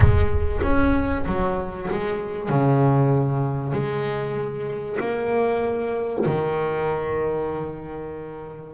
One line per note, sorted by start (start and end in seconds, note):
0.00 0.60 G#3
0.62 1.24 C#4
1.26 1.88 F#3
1.90 2.48 G#3
2.48 3.72 C#3
3.72 4.97 G#3
4.99 6.24 A#3
6.25 8.74 D#3